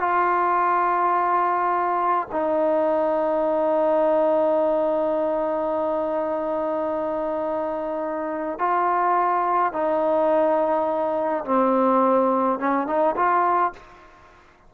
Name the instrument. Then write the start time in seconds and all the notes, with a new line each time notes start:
trombone
0.00 F4
2.32 D#4
8.59 F4
9.74 D#4
11.45 C4
12.60 C#4
12.87 D#4
13.16 F4